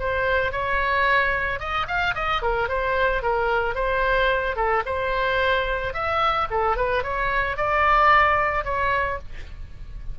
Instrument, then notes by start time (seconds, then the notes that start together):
oboe
0.00 C5
0.53 C#5
1.60 D#5
1.88 F5
2.15 D#5
2.43 A#4
2.69 C5
3.23 A#4
3.75 C5
4.57 A4
4.86 C5
5.94 E5
6.51 A4
6.77 B4
7.04 C#5
7.57 D5
8.65 C#5